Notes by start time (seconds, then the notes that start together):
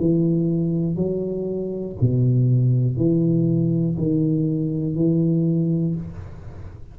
0.00 E3
0.96 F#3
2.01 B2
2.97 E3
3.98 D#3
4.95 E3